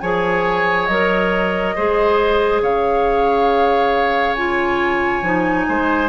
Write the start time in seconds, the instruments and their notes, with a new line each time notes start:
0.00 bassoon F3, clarinet G#4, oboe C#5, flute G#5
0.86 bassoon F#3, clarinet A#4, flute D#5
1.75 bassoon G#3, clarinet G#4, oboe C5
2.61 bassoon C#3, oboe C#5, flute F5
4.34 clarinet F4, flute G#5
5.22 bassoon F3, clarinet D#4
5.68 bassoon G#3, oboe C5